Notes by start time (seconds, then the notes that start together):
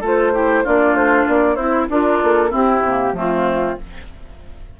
0.00 A3 F4 A4
0.06 C5
0.33 E4 G4
0.63 A#3 D4 F4 D5
0.93 A3 C5
1.27 A#3 D5
1.55 C4 E4 C5
1.88 D4 F4 A#4
2.22 A#3 A4
2.49 C4 E4 G4
2.81 C3
2.87 A#3
3.12 F3 A3 C4 F4